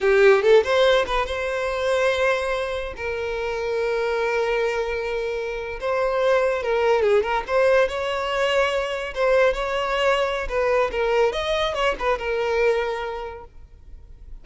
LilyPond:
\new Staff \with { instrumentName = "violin" } { \time 4/4 \tempo 4 = 143 g'4 a'8 c''4 b'8 c''4~ | c''2. ais'4~ | ais'1~ | ais'4.~ ais'16 c''2 ais'16~ |
ais'8. gis'8 ais'8 c''4 cis''4~ cis''16~ | cis''4.~ cis''16 c''4 cis''4~ cis''16~ | cis''4 b'4 ais'4 dis''4 | cis''8 b'8 ais'2. | }